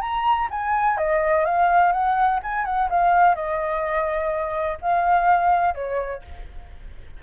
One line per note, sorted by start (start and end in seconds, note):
0.00 0.48 A#5
0.50 0.97 G#5
0.97 1.45 D#5
1.45 1.92 F5
1.92 2.39 F#5
2.43 2.65 G#5
2.65 2.89 F#5
2.89 3.35 F5
3.35 4.78 D#5
4.81 5.74 F5
5.74 6.22 C#5